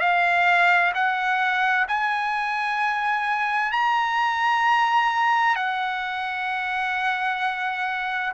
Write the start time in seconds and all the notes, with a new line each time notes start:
0.00 F5
0.94 F#5
1.88 G#5
3.72 A#5
5.56 F#5